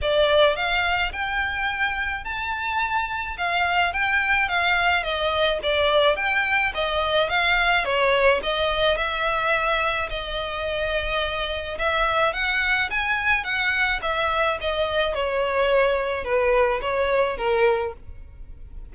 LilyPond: \new Staff \with { instrumentName = "violin" } { \time 4/4 \tempo 4 = 107 d''4 f''4 g''2 | a''2 f''4 g''4 | f''4 dis''4 d''4 g''4 | dis''4 f''4 cis''4 dis''4 |
e''2 dis''2~ | dis''4 e''4 fis''4 gis''4 | fis''4 e''4 dis''4 cis''4~ | cis''4 b'4 cis''4 ais'4 | }